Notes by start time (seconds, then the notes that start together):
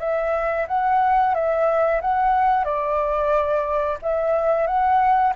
0.00 E5
0.68 F#5
1.35 E5
2.02 F#5
2.65 D5
4.02 E5
4.67 F#5